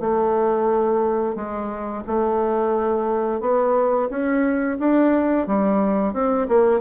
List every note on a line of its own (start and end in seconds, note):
0.00 1.35 A3
1.35 2.03 G#3
2.07 3.40 A3
3.40 4.08 B3
4.09 4.78 C#4
4.79 5.47 D4
5.47 6.13 G3
6.13 6.47 C4
6.48 6.80 A#3